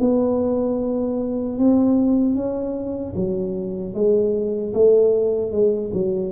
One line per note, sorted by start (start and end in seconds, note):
0.00 1.58 B3
1.58 2.35 C4
2.35 3.14 C#4
3.16 3.94 F#3
3.94 4.73 G#3
4.74 5.52 A3
5.52 5.91 G#3
5.93 6.32 F#3